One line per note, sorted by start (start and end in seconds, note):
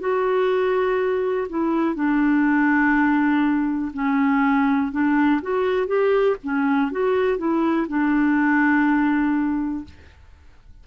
0.00 1.48 F#4
1.49 1.96 E4
1.96 3.93 D4
3.94 4.92 C#4
4.92 5.41 D4
5.42 5.87 F#4
5.87 6.37 G4
6.44 6.92 C#4
6.92 7.38 F#4
7.38 7.87 E4
7.89 9.85 D4